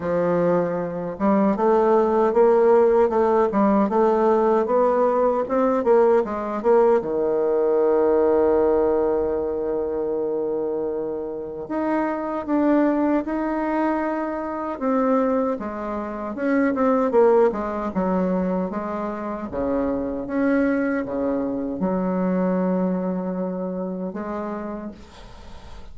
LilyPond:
\new Staff \with { instrumentName = "bassoon" } { \time 4/4 \tempo 4 = 77 f4. g8 a4 ais4 | a8 g8 a4 b4 c'8 ais8 | gis8 ais8 dis2.~ | dis2. dis'4 |
d'4 dis'2 c'4 | gis4 cis'8 c'8 ais8 gis8 fis4 | gis4 cis4 cis'4 cis4 | fis2. gis4 | }